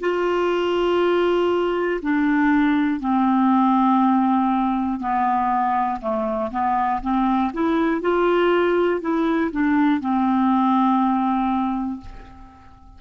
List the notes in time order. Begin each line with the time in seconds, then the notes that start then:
0.00 F4
2.01 D4
3.00 C4
5.00 B3
6.00 A3
6.51 B3
7.01 C4
7.53 E4
8.00 F4
9.00 E4
9.51 D4
10.00 C4